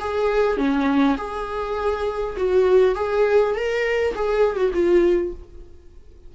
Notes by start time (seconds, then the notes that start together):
0.00 G#4
0.57 C#4
1.17 G#4
2.37 F#4
2.95 G#4
3.55 A#4
4.15 G#4
4.56 F#4
4.74 F4